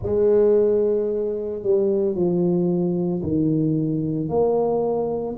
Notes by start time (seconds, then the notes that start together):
0.02 G#3
1.62 G3
2.14 F3
3.22 D#3
4.29 A#3